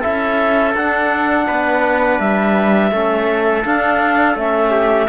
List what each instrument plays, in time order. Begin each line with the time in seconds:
0.00 cello C#4, trombone E4, trumpet A4, clarinet E5
0.74 cello D4, trombone D4, clarinet F#5
1.47 cello B3, trumpet B4
2.19 cello G3, clarinet E5
2.91 cello A3, trombone C#4, trumpet A4
3.64 trombone D4, cello D4, clarinet F5
4.35 cello A3, trombone C#4, clarinet E5
4.70 trumpet G4